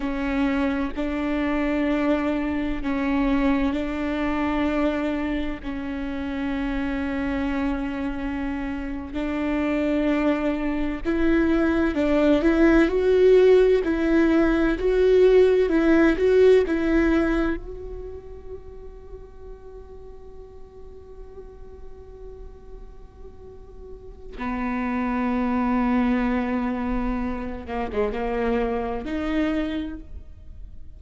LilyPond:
\new Staff \with { instrumentName = "viola" } { \time 4/4 \tempo 4 = 64 cis'4 d'2 cis'4 | d'2 cis'2~ | cis'4.~ cis'16 d'2 e'16~ | e'8. d'8 e'8 fis'4 e'4 fis'16~ |
fis'8. e'8 fis'8 e'4 fis'4~ fis'16~ | fis'1~ | fis'2 b2~ | b4. ais16 gis16 ais4 dis'4 | }